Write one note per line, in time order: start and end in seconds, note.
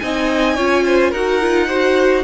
0.00 0.58 C4
0.00 0.58 D#4
0.00 0.55 D#5
0.00 1.12 G#5
0.55 1.13 C#4
0.55 1.14 F4
0.55 0.84 C#5
0.86 1.11 C5
1.11 2.25 D#4
1.11 1.42 F#4
1.11 1.67 A#4
1.11 2.25 F#5
1.42 1.70 F4
1.68 2.25 F#4
1.68 2.24 C5